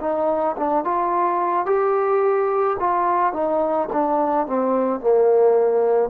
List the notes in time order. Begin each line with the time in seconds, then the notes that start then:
0.00 D#4
0.57 D4
0.84 F4
1.66 G4
2.79 F4
3.33 D#4
3.92 D4
4.46 C4
5.00 A#3